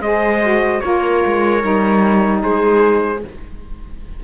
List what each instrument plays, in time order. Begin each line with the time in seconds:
0.00 cello G#3, saxophone G#4, viola C5, trumpet D#5
0.42 saxophone F#4
0.81 cello A#3, saxophone F4, viola A#4, trumpet C#5
1.26 cello G#3
1.61 cello G3, saxophone D#4
2.41 cello G#3, viola G#4, trumpet C5